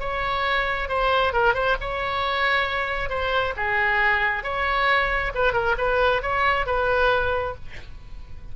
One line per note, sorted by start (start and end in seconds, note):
0.00 0.89 C#5
0.89 1.33 C5
1.33 1.54 A#4
1.54 1.76 C5
1.81 3.09 C#5
3.09 3.54 C5
3.57 4.43 G#4
4.43 5.32 C#5
5.35 5.53 B4
5.53 5.76 A#4
5.78 6.22 B4
6.22 6.66 C#5
6.66 7.55 B4